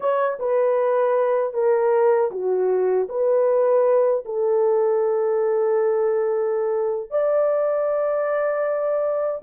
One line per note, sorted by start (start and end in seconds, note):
0.00 0.38 C#5
0.39 1.53 B4
1.53 2.30 A#4
2.31 3.08 F#4
3.08 4.24 B4
4.25 7.10 A4
7.10 9.41 D5